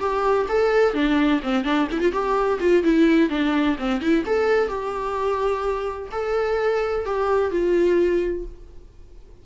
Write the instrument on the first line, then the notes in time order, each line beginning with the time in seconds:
viola
0.00 G4
0.49 A4
0.94 D4
1.43 C4
1.65 D4
1.92 E4
2.01 F4
2.12 G4
2.60 F4
2.84 E4
3.30 D4
3.79 C4
4.01 E4
4.26 A4
4.69 G4
6.12 A4
7.06 G4
7.51 F4